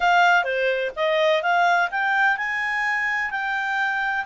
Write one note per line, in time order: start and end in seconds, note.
0.00 0.43 F5
0.43 0.91 C5
0.96 1.42 D#5
1.42 1.89 F5
1.90 2.37 G5
2.37 3.30 G#5
3.30 4.25 G5